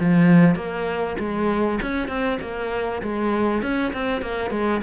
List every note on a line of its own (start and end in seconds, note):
0.00 0.56 F3
0.56 1.17 A#3
1.19 1.80 G#3
1.82 2.09 C#4
2.09 2.39 C4
2.41 3.02 A#3
3.02 3.63 G#3
3.63 3.93 C#4
3.94 4.22 C4
4.22 4.51 A#3
4.51 4.81 G#3